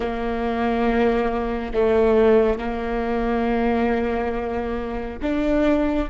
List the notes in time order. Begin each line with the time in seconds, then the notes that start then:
0.00 A#3
1.74 A3
2.58 A#3
5.22 D4